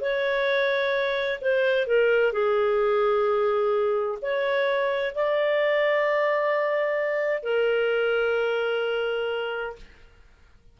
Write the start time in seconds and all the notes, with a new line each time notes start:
0.00 C#5
1.40 C5
1.87 A#4
2.32 G#4
4.22 C#5
5.15 D5
7.43 A#4